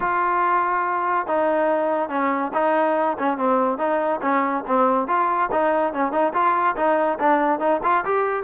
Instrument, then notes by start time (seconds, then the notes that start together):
trombone
0.00 F4
1.27 D#4
2.09 C#4
2.53 D#4
3.18 C#4
3.37 C4
3.78 D#4
4.21 C#4
4.66 C4
5.07 F4
5.51 D#4
5.93 C#4
6.12 D#4
6.33 F4
6.76 D#4
7.19 D4
7.59 D#4
7.83 F4
8.04 G4